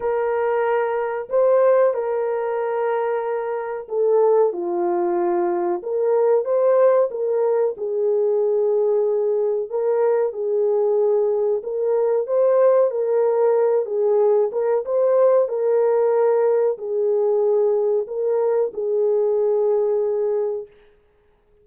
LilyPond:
\new Staff \with { instrumentName = "horn" } { \time 4/4 \tempo 4 = 93 ais'2 c''4 ais'4~ | ais'2 a'4 f'4~ | f'4 ais'4 c''4 ais'4 | gis'2. ais'4 |
gis'2 ais'4 c''4 | ais'4. gis'4 ais'8 c''4 | ais'2 gis'2 | ais'4 gis'2. | }